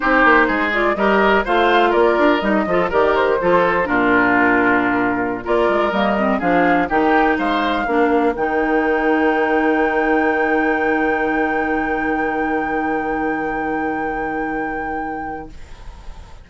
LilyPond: <<
  \new Staff \with { instrumentName = "flute" } { \time 4/4 \tempo 4 = 124 c''4. d''8 dis''4 f''4 | d''4 dis''4 d''8 c''4. | ais'2.~ ais'16 d''8.~ | d''16 dis''4 f''4 g''4 f''8.~ |
f''4~ f''16 g''2~ g''8.~ | g''1~ | g''1~ | g''1 | }
  \new Staff \with { instrumentName = "oboe" } { \time 4/4 g'4 gis'4 ais'4 c''4 | ais'4. a'8 ais'4 a'4 | f'2.~ f'16 ais'8.~ | ais'4~ ais'16 gis'4 g'4 c''8.~ |
c''16 ais'2.~ ais'8.~ | ais'1~ | ais'1~ | ais'1 | }
  \new Staff \with { instrumentName = "clarinet" } { \time 4/4 dis'4. f'8 g'4 f'4~ | f'4 dis'8 f'8 g'4 f'4 | d'2.~ d'16 f'8.~ | f'16 ais8 c'8 d'4 dis'4.~ dis'16~ |
dis'16 d'4 dis'2~ dis'8.~ | dis'1~ | dis'1~ | dis'1 | }
  \new Staff \with { instrumentName = "bassoon" } { \time 4/4 c'8 ais8 gis4 g4 a4 | ais8 d'8 g8 f8 dis4 f4 | ais,2.~ ais,16 ais8 gis16~ | gis16 g4 f4 dis4 gis8.~ |
gis16 ais4 dis2~ dis8.~ | dis1~ | dis1~ | dis1 | }
>>